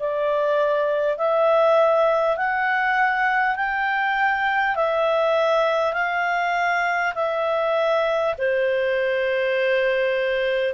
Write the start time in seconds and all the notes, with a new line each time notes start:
0.00 D5
1.18 E5
2.37 F#5
3.56 G5
4.76 E5
5.93 F5
7.15 E5
8.38 C5